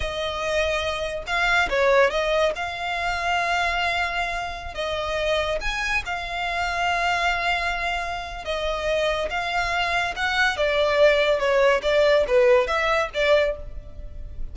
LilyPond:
\new Staff \with { instrumentName = "violin" } { \time 4/4 \tempo 4 = 142 dis''2. f''4 | cis''4 dis''4 f''2~ | f''2.~ f''16 dis''8.~ | dis''4~ dis''16 gis''4 f''4.~ f''16~ |
f''1 | dis''2 f''2 | fis''4 d''2 cis''4 | d''4 b'4 e''4 d''4 | }